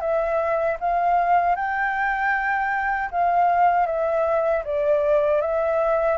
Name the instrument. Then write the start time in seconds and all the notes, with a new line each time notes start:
flute
0.00 E5
0.79 F5
1.56 G5
3.11 F5
3.86 E5
4.64 D5
5.41 E5